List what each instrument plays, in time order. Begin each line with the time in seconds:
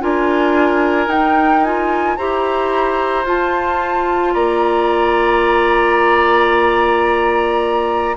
0.00 bassoon D4, clarinet F4, oboe A#4, flute G#5
1.07 bassoon D#4, clarinet D#4, flute G5
1.64 clarinet F4, flute G#5
2.16 bassoon E4, clarinet G4, oboe C5, flute A#5
3.25 bassoon F4, clarinet F4, flute A5
4.34 bassoon A#3, oboe D5, flute A#5